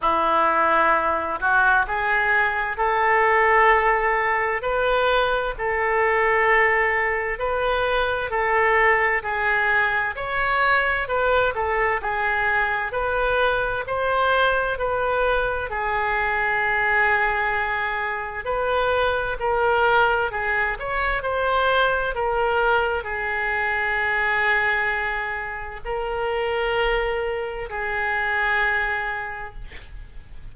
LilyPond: \new Staff \with { instrumentName = "oboe" } { \time 4/4 \tempo 4 = 65 e'4. fis'8 gis'4 a'4~ | a'4 b'4 a'2 | b'4 a'4 gis'4 cis''4 | b'8 a'8 gis'4 b'4 c''4 |
b'4 gis'2. | b'4 ais'4 gis'8 cis''8 c''4 | ais'4 gis'2. | ais'2 gis'2 | }